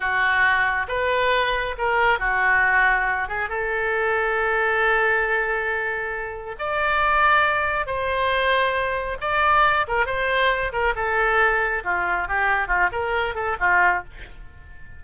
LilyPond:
\new Staff \with { instrumentName = "oboe" } { \time 4/4 \tempo 4 = 137 fis'2 b'2 | ais'4 fis'2~ fis'8 gis'8 | a'1~ | a'2. d''4~ |
d''2 c''2~ | c''4 d''4. ais'8 c''4~ | c''8 ais'8 a'2 f'4 | g'4 f'8 ais'4 a'8 f'4 | }